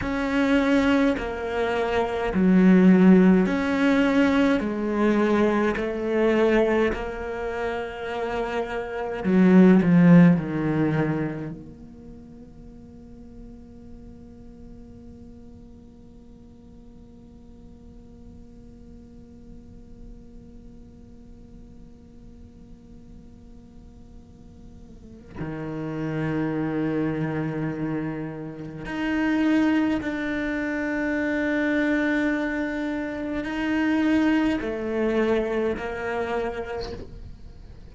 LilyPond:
\new Staff \with { instrumentName = "cello" } { \time 4/4 \tempo 4 = 52 cis'4 ais4 fis4 cis'4 | gis4 a4 ais2 | fis8 f8 dis4 ais2~ | ais1~ |
ais1~ | ais2 dis2~ | dis4 dis'4 d'2~ | d'4 dis'4 a4 ais4 | }